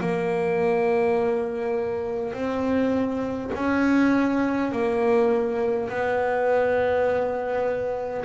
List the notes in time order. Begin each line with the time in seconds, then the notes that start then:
0.00 A#3
2.33 C4
3.55 C#4
4.72 A#3
5.89 B3